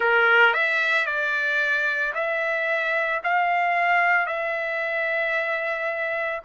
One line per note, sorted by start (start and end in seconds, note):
0.00 0.54 A#4
0.54 1.06 E5
1.06 2.13 D5
2.14 3.21 E5
3.23 4.26 F5
4.26 6.40 E5